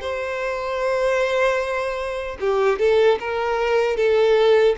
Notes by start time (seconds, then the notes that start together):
0.00 C5
2.40 G4
2.78 A4
3.19 A#4
3.96 A4